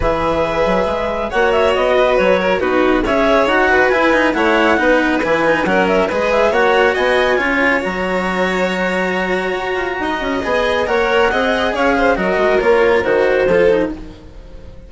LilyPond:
<<
  \new Staff \with { instrumentName = "clarinet" } { \time 4/4 \tempo 4 = 138 e''2. fis''8 e''8 | dis''4 cis''4 b'4 e''4 | fis''4 gis''4 fis''2 | gis''4 fis''8 e''8 dis''8 e''8 fis''4 |
gis''2 ais''2~ | ais''1 | gis''4 fis''2 f''4 | dis''4 cis''4 c''2 | }
  \new Staff \with { instrumentName = "violin" } { \time 4/4 b'2. cis''4~ | cis''8 b'4 ais'8 fis'4 cis''4~ | cis''8 b'4. cis''4 b'4~ | b'4 ais'4 b'4 cis''4 |
dis''4 cis''2.~ | cis''2. dis''4~ | dis''4 cis''4 dis''4 cis''8 c''8 | ais'2. a'4 | }
  \new Staff \with { instrumentName = "cello" } { \time 4/4 gis'2. fis'4~ | fis'2 dis'4 gis'4 | fis'4 e'8 dis'8 e'4 dis'4 | e'8 dis'8 cis'4 gis'4 fis'4~ |
fis'4 f'4 fis'2~ | fis'1 | gis'4 ais'4 gis'2 | fis'4 f'4 fis'4 f'8 dis'8 | }
  \new Staff \with { instrumentName = "bassoon" } { \time 4/4 e4. fis8 gis4 ais4 | b4 fis4 b4 cis'4 | dis'4 e'4 a4 b4 | e4 fis4 gis4 ais4 |
b4 cis'4 fis2~ | fis2 fis'8 f'8 dis'8 cis'8 | b4 ais4 c'4 cis'4 | fis8 gis8 ais4 dis4 f4 | }
>>